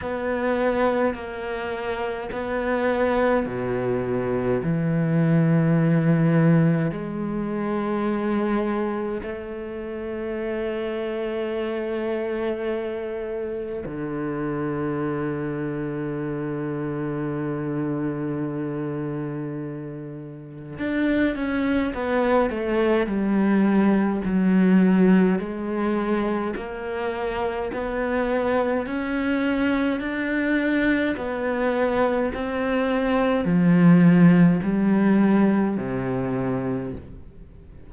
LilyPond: \new Staff \with { instrumentName = "cello" } { \time 4/4 \tempo 4 = 52 b4 ais4 b4 b,4 | e2 gis2 | a1 | d1~ |
d2 d'8 cis'8 b8 a8 | g4 fis4 gis4 ais4 | b4 cis'4 d'4 b4 | c'4 f4 g4 c4 | }